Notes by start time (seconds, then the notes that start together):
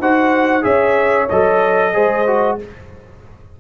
0.00 D#4 F#4 C5 F#5
0.62 C#4 G#4 C#5 E5
1.30 F#3 A4 D#5
1.93 G#3 G#4 C5
2.27 F#4